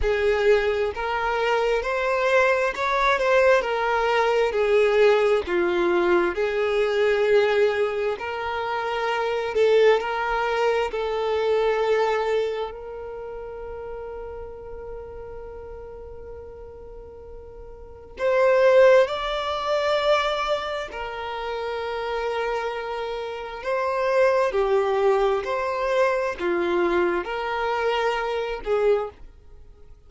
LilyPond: \new Staff \with { instrumentName = "violin" } { \time 4/4 \tempo 4 = 66 gis'4 ais'4 c''4 cis''8 c''8 | ais'4 gis'4 f'4 gis'4~ | gis'4 ais'4. a'8 ais'4 | a'2 ais'2~ |
ais'1 | c''4 d''2 ais'4~ | ais'2 c''4 g'4 | c''4 f'4 ais'4. gis'8 | }